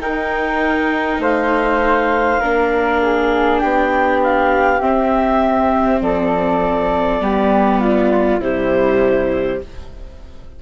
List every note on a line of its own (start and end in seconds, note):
0.00 2.40 D#4
0.00 1.18 D#4
0.00 1.21 A#4
0.00 1.21 G5
1.18 2.38 A3
1.18 2.40 C5
1.18 3.58 F5
2.40 3.62 A#3
2.40 4.81 D4
2.40 3.00 A#4
3.02 3.61 G#4
3.58 4.80 B3
3.58 6.01 G4
3.58 4.18 G5
4.23 4.82 F5
4.80 6.00 C4
4.80 7.21 C4
4.80 6.02 E5
6.01 7.20 F3
6.01 7.23 A4
6.01 8.41 D5
7.20 8.39 G3
7.20 8.41 B3
7.20 7.80 G4
7.80 8.40 F4
8.39 9.59 C3
8.39 9.62 G3
8.39 9.60 E4
8.39 9.61 C5